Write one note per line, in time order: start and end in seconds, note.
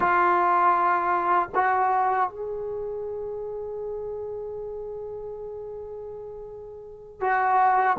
0.00 1.49 F4
1.54 2.29 F#4
2.29 7.20 G#4
7.20 7.96 F#4